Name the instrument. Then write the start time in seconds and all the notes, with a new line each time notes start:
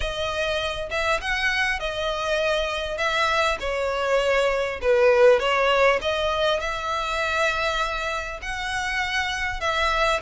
violin
0.00 D#5
0.90 E5
1.21 F#5
1.79 D#5
2.97 E5
3.60 C#5
4.81 B4
5.39 C#5
6.01 D#5
6.59 E5
8.42 F#5
9.60 E5